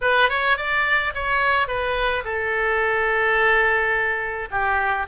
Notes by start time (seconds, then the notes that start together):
0.01 B4
0.29 C#5
0.57 D5
1.14 C#5
1.67 B4
2.24 A4
4.50 G4